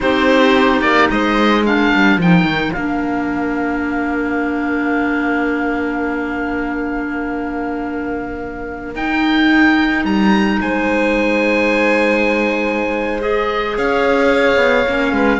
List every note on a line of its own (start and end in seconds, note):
0.00 0.81 C4
0.00 1.65 D#4
0.00 1.11 G4
0.00 0.81 C5
0.81 1.08 A#3
0.81 1.08 D5
1.10 1.93 G#3
1.10 1.65 C5
1.10 1.65 D#5
1.65 2.20 D4
1.65 10.59 A#4
1.65 2.20 F5
1.94 2.17 G3
2.17 2.43 F3
2.17 2.74 D#4
2.17 2.73 G5
2.43 2.70 D#3
2.73 8.95 A#3
2.73 8.93 D4
2.73 8.92 F5
8.95 10.04 D#4
8.95 13.20 D#4
8.95 10.05 G5
10.04 10.59 G3
10.04 10.60 A#5
10.61 13.77 G#3
10.61 13.76 C5
10.61 13.22 G#5
13.20 14.85 G#4
13.20 13.77 D#5
13.76 14.57 C#4
13.76 15.13 C#5
13.76 15.39 F5
14.57 14.84 B3
14.87 15.11 A#3
14.87 15.39 C#4
15.11 15.39 G#3
15.11 15.39 B4